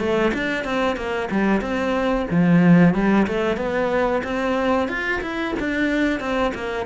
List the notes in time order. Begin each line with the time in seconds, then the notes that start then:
0.00 A3
0.34 D4
0.65 C4
0.97 A#3
1.31 G3
1.62 C4
2.31 F3
2.95 G3
3.28 A3
3.57 B3
4.24 C4
4.89 F4
5.22 E4
5.60 D4
6.21 C4
6.55 A#3